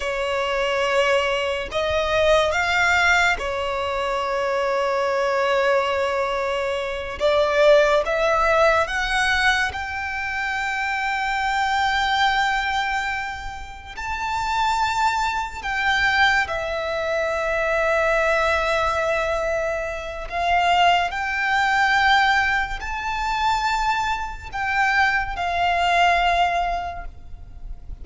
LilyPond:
\new Staff \with { instrumentName = "violin" } { \time 4/4 \tempo 4 = 71 cis''2 dis''4 f''4 | cis''1~ | cis''8 d''4 e''4 fis''4 g''8~ | g''1~ |
g''8 a''2 g''4 e''8~ | e''1 | f''4 g''2 a''4~ | a''4 g''4 f''2 | }